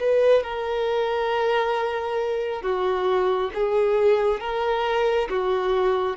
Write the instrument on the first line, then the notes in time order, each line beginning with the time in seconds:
violin
0.00 B4
0.43 A#4
2.62 F#4
3.54 G#4
4.40 A#4
5.29 F#4